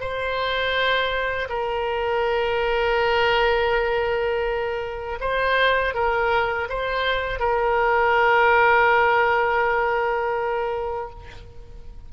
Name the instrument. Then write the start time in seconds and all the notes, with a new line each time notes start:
oboe
0.00 C5
1.49 A#4
5.20 C5
5.94 A#4
6.69 C5
7.39 A#4